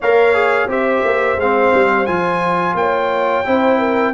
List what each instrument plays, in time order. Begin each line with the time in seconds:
0.00 tuba A#3, trombone A#4, horn C#5, trumpet F5
0.33 trombone G#4
0.67 tuba C4, trombone G4, horn C5, trumpet E5
1.04 tuba A#3
1.36 tuba G#3, trombone C4, trumpet F5
1.74 tuba G3
2.05 tuba F3, trombone F4, trumpet G#5
2.73 tuba A#3, horn C#5, trumpet G5
3.45 tuba C4, trombone E4, horn C5
3.78 horn A#4